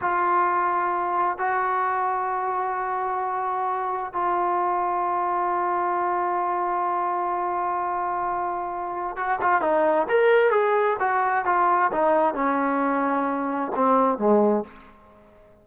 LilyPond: \new Staff \with { instrumentName = "trombone" } { \time 4/4 \tempo 4 = 131 f'2. fis'4~ | fis'1~ | fis'4 f'2.~ | f'1~ |
f'1 | fis'8 f'8 dis'4 ais'4 gis'4 | fis'4 f'4 dis'4 cis'4~ | cis'2 c'4 gis4 | }